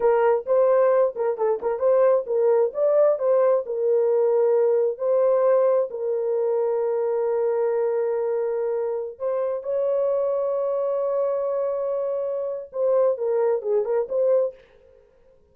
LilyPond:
\new Staff \with { instrumentName = "horn" } { \time 4/4 \tempo 4 = 132 ais'4 c''4. ais'8 a'8 ais'8 | c''4 ais'4 d''4 c''4 | ais'2. c''4~ | c''4 ais'2.~ |
ais'1~ | ais'16 c''4 cis''2~ cis''8.~ | cis''1 | c''4 ais'4 gis'8 ais'8 c''4 | }